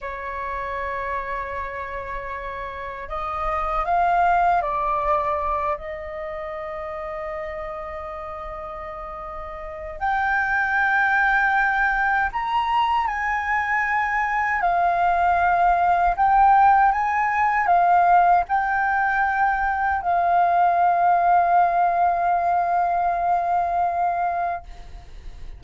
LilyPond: \new Staff \with { instrumentName = "flute" } { \time 4/4 \tempo 4 = 78 cis''1 | dis''4 f''4 d''4. dis''8~ | dis''1~ | dis''4 g''2. |
ais''4 gis''2 f''4~ | f''4 g''4 gis''4 f''4 | g''2 f''2~ | f''1 | }